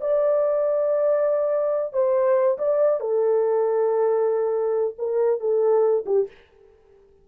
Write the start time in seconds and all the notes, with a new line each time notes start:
0.00 D5
1.93 C5
2.58 D5
3.00 A4
4.98 A#4
5.40 A4
6.05 G4